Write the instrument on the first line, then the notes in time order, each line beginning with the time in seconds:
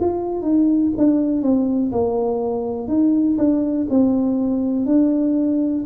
tuba
0.00 F4
0.42 D#4
0.97 D4
1.42 C4
1.92 A#3
2.87 D#4
3.38 D4
3.89 C4
4.86 D4